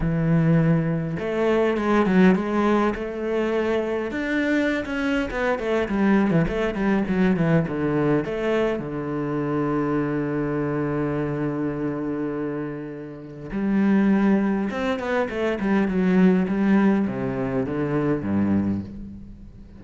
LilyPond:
\new Staff \with { instrumentName = "cello" } { \time 4/4 \tempo 4 = 102 e2 a4 gis8 fis8 | gis4 a2 d'4~ | d'16 cis'8. b8 a8 g8. e16 a8 g8 | fis8 e8 d4 a4 d4~ |
d1~ | d2. g4~ | g4 c'8 b8 a8 g8 fis4 | g4 c4 d4 g,4 | }